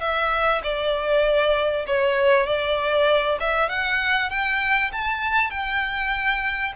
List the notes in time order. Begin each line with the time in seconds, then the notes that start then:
0.00 E5
0.63 D5
1.86 C#5
2.46 D5
3.40 E5
3.69 F#5
4.30 G5
4.92 A5
5.50 G5